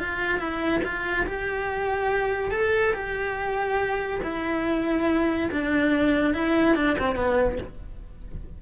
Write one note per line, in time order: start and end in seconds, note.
0.00 0.39 F4
0.39 0.82 E4
0.84 1.26 F4
1.27 2.52 G4
2.52 2.94 A4
2.94 4.21 G4
4.24 5.50 E4
5.52 6.34 D4
6.34 6.76 E4
6.76 6.97 D4
6.99 7.16 C4
7.16 7.58 B3